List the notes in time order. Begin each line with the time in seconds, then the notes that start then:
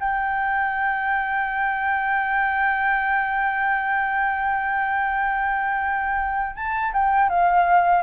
0.00 G5
6.56 A5
6.93 G5
7.30 F5